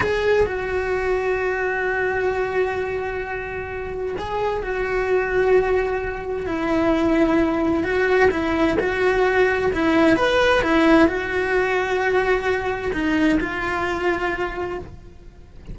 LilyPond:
\new Staff \with { instrumentName = "cello" } { \time 4/4 \tempo 4 = 130 gis'4 fis'2.~ | fis'1~ | fis'4 gis'4 fis'2~ | fis'2 e'2~ |
e'4 fis'4 e'4 fis'4~ | fis'4 e'4 b'4 e'4 | fis'1 | dis'4 f'2. | }